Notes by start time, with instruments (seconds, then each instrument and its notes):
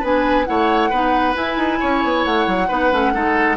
0.00 bassoon B3, clarinet D4, oboe B4, flute G#5
0.46 bassoon A3, clarinet E4, oboe C#5, flute F#5
0.90 bassoon B3, clarinet D#4, oboe B4
1.35 clarinet E4, bassoon E4, flute G#5
1.57 bassoon D#4
1.80 bassoon C#4, oboe C#5
2.04 bassoon B3
2.25 bassoon A3, flute F#5
2.47 bassoon F#3
2.68 bassoon B3, clarinet D#4, oboe B4
2.92 bassoon A3, clarinet C#4
3.13 bassoon G#3, clarinet D#4, oboe A4